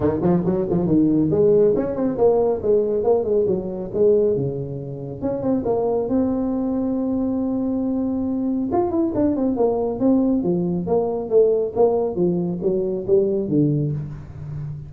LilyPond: \new Staff \with { instrumentName = "tuba" } { \time 4/4 \tempo 4 = 138 dis8 f8 fis8 f8 dis4 gis4 | cis'8 c'8 ais4 gis4 ais8 gis8 | fis4 gis4 cis2 | cis'8 c'8 ais4 c'2~ |
c'1 | f'8 e'8 d'8 c'8 ais4 c'4 | f4 ais4 a4 ais4 | f4 fis4 g4 d4 | }